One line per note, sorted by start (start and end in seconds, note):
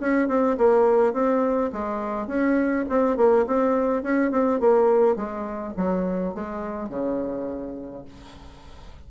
0.00 0.28 C#4
0.28 0.57 C4
0.58 1.13 A#3
1.13 1.71 C4
1.73 2.27 G#3
2.27 2.85 C#4
2.89 3.17 C4
3.17 3.46 A#3
3.47 4.03 C4
4.03 4.31 C#4
4.31 4.60 C4
4.60 5.16 A#3
5.16 5.74 G#3
5.77 6.34 F#3
6.35 6.89 G#3
6.89 8.05 C#3